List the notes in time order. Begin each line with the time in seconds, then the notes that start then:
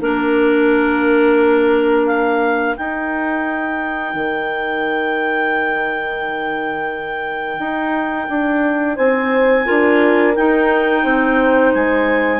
0.00 A#3 D4 A#4
2.06 F5
2.76 D#4 G5
4.14 D#3
7.58 D#4
8.29 D4
8.95 C4 C5 G#5
9.64 D4 F4 A#4
10.35 D#4 G5
11.03 C4 C5
11.73 G#3 G#5